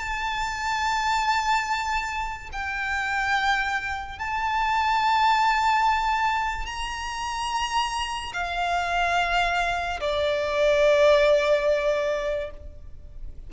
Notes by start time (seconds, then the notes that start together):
0.00 A5
2.53 G5
4.19 A5
6.66 A#5
8.34 F5
10.01 D5